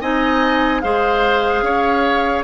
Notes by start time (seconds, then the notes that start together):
0.00 C4 D#4 D#5 G#5
0.81 G#3 G#4 C5 F5
1.62 C#4 C#5